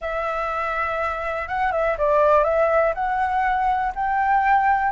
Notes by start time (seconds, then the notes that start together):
0.01 E5
1.48 F#5
1.72 E5
1.98 D5
2.43 E5
2.94 F#5
3.95 G5